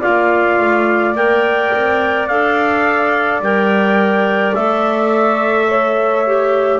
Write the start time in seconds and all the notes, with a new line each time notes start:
0.00 F4 D5 F5
0.06 A#3
0.60 A3
1.15 A#3 A#4 G5
1.74 C4
2.28 D4 A4 F5
3.41 G3 A#4 G5
4.55 A3 A4 E5
5.69 C#5
6.27 G4